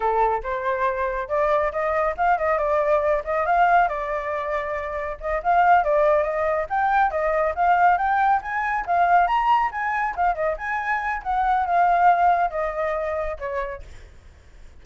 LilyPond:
\new Staff \with { instrumentName = "flute" } { \time 4/4 \tempo 4 = 139 a'4 c''2 d''4 | dis''4 f''8 dis''8 d''4. dis''8 | f''4 d''2. | dis''8 f''4 d''4 dis''4 g''8~ |
g''8 dis''4 f''4 g''4 gis''8~ | gis''8 f''4 ais''4 gis''4 f''8 | dis''8 gis''4. fis''4 f''4~ | f''4 dis''2 cis''4 | }